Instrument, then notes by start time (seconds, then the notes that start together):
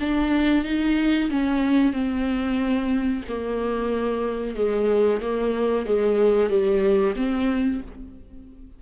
viola
0.00 D4
0.65 D#4
1.30 C#4
1.93 C4
3.28 A#3
4.56 G#3
5.21 A#3
5.86 G#3
6.50 G3
7.16 C4